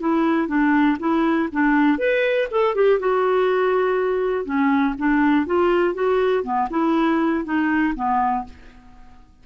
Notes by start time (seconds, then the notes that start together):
0.00 E4
0.48 D4
1.00 E4
1.52 D4
1.98 B4
2.51 A4
2.75 G4
3.00 F#4
4.45 C#4
4.99 D4
5.46 F4
5.94 F#4
6.43 B3
6.70 E4
7.45 D#4
7.95 B3